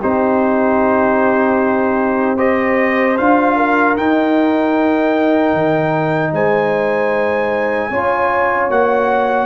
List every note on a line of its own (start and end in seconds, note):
0.00 3.19 C4
0.00 2.38 D#4
0.00 2.37 G4
0.00 2.38 C5
2.37 3.17 G4
2.37 3.55 C5
2.37 3.17 D#5
3.18 3.98 D4
3.18 3.97 F4
3.18 3.97 F5
3.56 6.33 A#4
3.97 7.92 D#4
3.97 5.54 D#4
3.97 6.34 G5
5.54 6.33 D#3
6.33 7.91 G#3
6.33 7.91 C5
6.33 8.71 G#5
7.91 8.70 C#4
7.91 8.71 F4
7.91 9.46 C#5
8.70 9.46 A#3
8.70 9.46 F#4
8.70 9.46 F#5